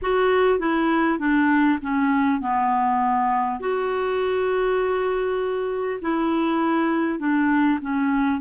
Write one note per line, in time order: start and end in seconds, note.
0.02 0.59 F#4
0.59 1.18 E4
1.18 1.78 D4
1.82 2.40 C#4
2.40 3.59 B3
3.59 5.99 F#4
6.01 7.19 E4
7.19 7.79 D4
7.81 8.41 C#4